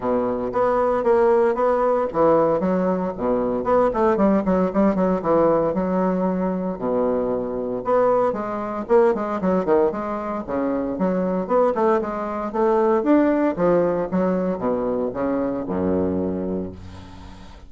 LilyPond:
\new Staff \with { instrumentName = "bassoon" } { \time 4/4 \tempo 4 = 115 b,4 b4 ais4 b4 | e4 fis4 b,4 b8 a8 | g8 fis8 g8 fis8 e4 fis4~ | fis4 b,2 b4 |
gis4 ais8 gis8 fis8 dis8 gis4 | cis4 fis4 b8 a8 gis4 | a4 d'4 f4 fis4 | b,4 cis4 fis,2 | }